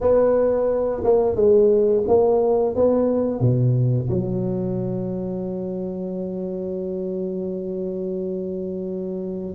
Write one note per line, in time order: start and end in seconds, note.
0.01 1.03 B3
1.04 1.35 A#3
1.35 2.03 G#3
2.07 2.75 A#3
2.75 3.40 B3
3.40 4.08 B2
4.09 9.55 F#3